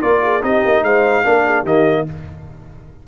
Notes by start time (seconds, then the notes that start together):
0.00 A#3 F4 A#4 D5
0.23 G#4
0.42 C4 D#4 G4 D#5
0.65 A#3
0.82 G#3 C5 F5
1.24 A#3 D4 A#4
1.45 G#4
1.62 D#3 A#3 G4 D#5